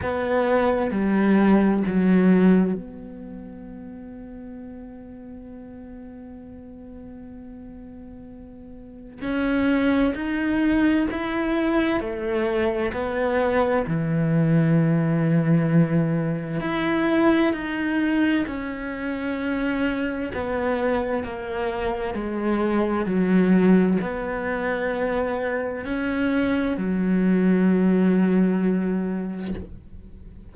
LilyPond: \new Staff \with { instrumentName = "cello" } { \time 4/4 \tempo 4 = 65 b4 g4 fis4 b4~ | b1~ | b2 cis'4 dis'4 | e'4 a4 b4 e4~ |
e2 e'4 dis'4 | cis'2 b4 ais4 | gis4 fis4 b2 | cis'4 fis2. | }